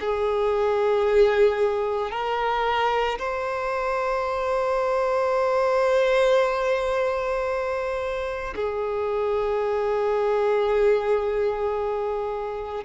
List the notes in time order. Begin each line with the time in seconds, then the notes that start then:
0.00 G#4
2.11 A#4
3.19 C5
8.56 G#4